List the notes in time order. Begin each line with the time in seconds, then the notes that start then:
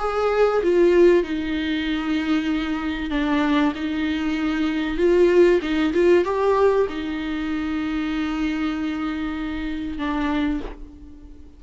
0.00 G#4
0.64 F4
1.24 D#4
3.11 D4
3.76 D#4
4.98 F4
5.62 D#4
5.94 F4
6.25 G4
6.89 D#4
9.99 D4